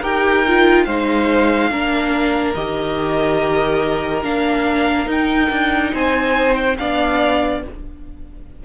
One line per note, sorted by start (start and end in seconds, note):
0.00 0.86 D#4
0.00 0.45 G4
0.00 0.85 A#4
0.00 0.84 G5
0.47 0.88 F4
0.84 1.70 G#3
0.84 1.71 D#4
0.84 1.70 C5
0.84 2.53 F5
1.70 2.55 A#3
1.70 2.55 D4
1.70 5.92 A#4
2.54 4.23 D#3
2.54 4.23 G4
2.54 4.23 D#5
4.23 5.07 A#3
4.23 5.06 D4
4.23 5.08 F5
5.06 6.75 D#4
5.06 5.49 D#4
5.06 5.94 G5
5.50 5.92 D4
5.92 6.78 C4
5.92 6.77 C5
5.92 6.54 G#5
6.54 6.76 G5
6.78 7.65 B3
6.78 7.63 D4
6.78 7.64 D5
6.78 7.62 F5